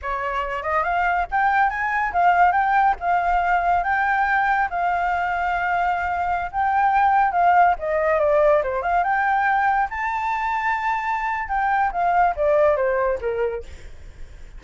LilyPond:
\new Staff \with { instrumentName = "flute" } { \time 4/4 \tempo 4 = 141 cis''4. dis''8 f''4 g''4 | gis''4 f''4 g''4 f''4~ | f''4 g''2 f''4~ | f''2.~ f''16 g''8.~ |
g''4~ g''16 f''4 dis''4 d''8.~ | d''16 c''8 f''8 g''2 a''8.~ | a''2. g''4 | f''4 d''4 c''4 ais'4 | }